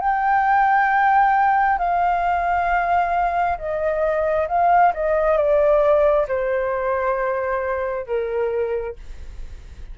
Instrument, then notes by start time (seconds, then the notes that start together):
flute
0.00 G5
1.78 F5
3.58 D#5
4.48 F5
4.94 D#5
5.37 D5
6.28 C5
8.06 A#4